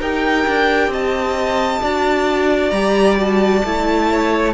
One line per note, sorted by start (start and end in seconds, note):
0.00 0.46 D#4
0.00 1.83 G4
0.00 0.91 A#4
0.00 0.93 G5
0.47 0.88 D4
0.88 1.79 C4
0.88 1.82 D#5
0.88 2.70 A5
1.82 2.71 D4
1.82 2.73 F#4
1.82 4.09 D5
2.70 3.62 G3
2.70 3.17 G4
2.70 3.16 A#5
3.17 3.63 F#4
3.17 4.54 A5
3.64 4.54 A3
3.64 4.54 E4
4.09 4.54 C#5